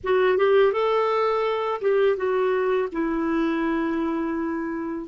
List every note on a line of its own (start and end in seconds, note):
0.03 0.37 F#4
0.37 0.72 G4
0.72 1.81 A4
1.81 2.16 G4
2.16 2.88 F#4
2.91 5.07 E4